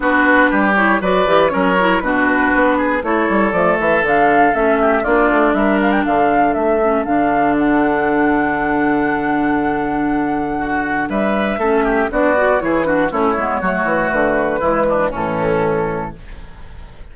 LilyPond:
<<
  \new Staff \with { instrumentName = "flute" } { \time 4/4 \tempo 4 = 119 b'4. cis''8 d''4 cis''4 | b'2 cis''4 d''8 e''8 | f''4 e''4 d''4 e''8 f''16 g''16 | f''4 e''4 f''4 fis''4~ |
fis''1~ | fis''2 e''2 | d''4 cis''8 b'8 cis''2 | b'2 a'2 | }
  \new Staff \with { instrumentName = "oboe" } { \time 4/4 fis'4 g'4 b'4 ais'4 | fis'4. gis'8 a'2~ | a'4. g'8 f'4 ais'4 | a'1~ |
a'1~ | a'4 fis'4 b'4 a'8 g'8 | fis'4 gis'8 fis'8 e'4 fis'4~ | fis'4 e'8 d'8 cis'2 | }
  \new Staff \with { instrumentName = "clarinet" } { \time 4/4 d'4. e'8 fis'8 g'8 cis'8 e'8 | d'2 e'4 a4 | d'4 cis'4 d'2~ | d'4. cis'8 d'2~ |
d'1~ | d'2. cis'4 | d'8 fis'8 e'8 d'8 cis'8 b8 a4~ | a4 gis4 e2 | }
  \new Staff \with { instrumentName = "bassoon" } { \time 4/4 b4 g4 fis8 e8 fis4 | b,4 b4 a8 g8 f8 e8 | d4 a4 ais8 a8 g4 | d4 a4 d2~ |
d1~ | d2 g4 a4 | b4 e4 a8 gis8 fis8 e8 | d4 e4 a,2 | }
>>